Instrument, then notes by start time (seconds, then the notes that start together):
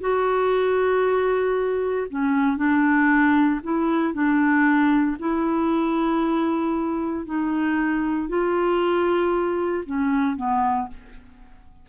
clarinet
0.00 F#4
2.09 C#4
2.57 D4
3.63 E4
4.13 D4
5.19 E4
7.25 D#4
8.29 F4
9.85 C#4
10.36 B3